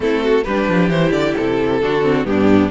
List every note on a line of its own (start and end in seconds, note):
0.00 0.44 A3
0.00 0.41 C4
0.00 0.23 E4
0.00 0.44 A4
0.23 0.44 F#4
0.44 0.68 G3
0.44 0.92 D4
0.44 1.79 G4
0.44 0.89 B4
0.68 0.88 F3
0.88 1.11 E3
0.88 1.82 E4
0.88 1.12 C5
1.11 1.33 D3
1.11 1.34 D5
1.36 1.82 C3
1.36 2.25 A4
1.82 2.25 D3
1.82 2.02 D4
1.82 2.27 F#4
2.02 2.24 C4
2.24 2.70 G2
2.24 2.69 B3
2.24 2.71 D4
2.24 2.70 G4